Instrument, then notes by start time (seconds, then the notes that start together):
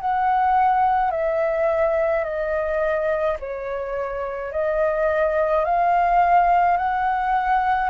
flute
0.00 F#5
1.11 E5
2.23 D#5
3.39 C#5
4.52 D#5
5.64 F5
6.77 F#5